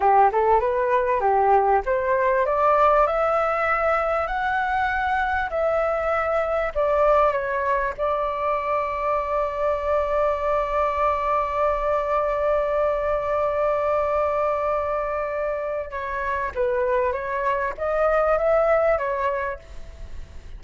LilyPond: \new Staff \with { instrumentName = "flute" } { \time 4/4 \tempo 4 = 98 g'8 a'8 b'4 g'4 c''4 | d''4 e''2 fis''4~ | fis''4 e''2 d''4 | cis''4 d''2.~ |
d''1~ | d''1~ | d''2 cis''4 b'4 | cis''4 dis''4 e''4 cis''4 | }